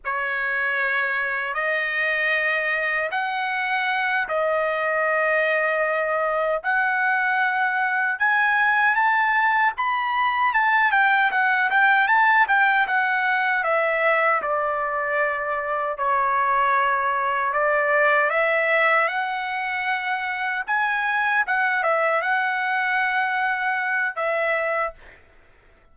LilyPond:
\new Staff \with { instrumentName = "trumpet" } { \time 4/4 \tempo 4 = 77 cis''2 dis''2 | fis''4. dis''2~ dis''8~ | dis''8 fis''2 gis''4 a''8~ | a''8 b''4 a''8 g''8 fis''8 g''8 a''8 |
g''8 fis''4 e''4 d''4.~ | d''8 cis''2 d''4 e''8~ | e''8 fis''2 gis''4 fis''8 | e''8 fis''2~ fis''8 e''4 | }